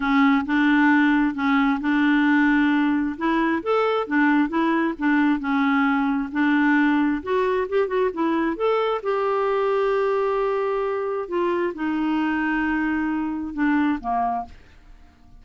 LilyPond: \new Staff \with { instrumentName = "clarinet" } { \time 4/4 \tempo 4 = 133 cis'4 d'2 cis'4 | d'2. e'4 | a'4 d'4 e'4 d'4 | cis'2 d'2 |
fis'4 g'8 fis'8 e'4 a'4 | g'1~ | g'4 f'4 dis'2~ | dis'2 d'4 ais4 | }